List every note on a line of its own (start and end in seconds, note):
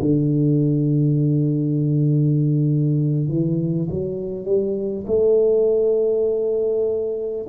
0.00 3.28 D3
3.28 3.88 E3
3.89 4.45 F#3
4.45 5.05 G3
5.07 7.47 A3